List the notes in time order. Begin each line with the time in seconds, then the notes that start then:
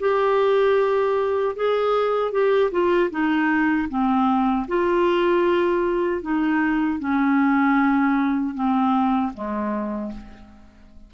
0.00 G4
1.56 G#4
2.32 G4
2.72 F4
3.11 D#4
3.89 C4
4.68 F4
6.22 D#4
7.00 C#4
8.55 C4
9.34 G#3